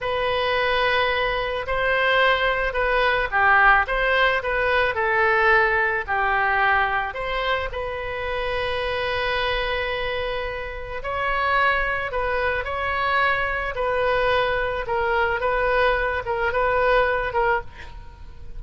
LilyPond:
\new Staff \with { instrumentName = "oboe" } { \time 4/4 \tempo 4 = 109 b'2. c''4~ | c''4 b'4 g'4 c''4 | b'4 a'2 g'4~ | g'4 c''4 b'2~ |
b'1 | cis''2 b'4 cis''4~ | cis''4 b'2 ais'4 | b'4. ais'8 b'4. ais'8 | }